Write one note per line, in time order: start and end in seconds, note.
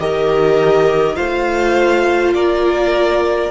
0.00 1.18 D#3
0.00 1.16 G4
0.00 1.17 A#4
0.00 1.16 D#5
1.16 2.36 A3
1.16 3.51 F4
1.16 2.34 C5
1.16 2.34 F5
2.35 3.52 A#3
2.35 3.52 A#4
2.35 3.52 D5